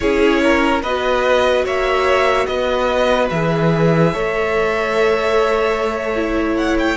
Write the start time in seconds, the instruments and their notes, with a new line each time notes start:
0.00 cello C#4, viola E4, violin G#4 C#5
0.43 violin A#4
0.82 cello B3, viola F#4, violin B4 D#5
1.64 cello A#3, violin C#5 E5
2.46 cello B3, violin B4 D#5
3.29 cello E3, viola G#4, violin E5
4.12 cello A3, viola A4, violin C#5
6.16 viola E4
6.56 violin F#5
6.79 violin G5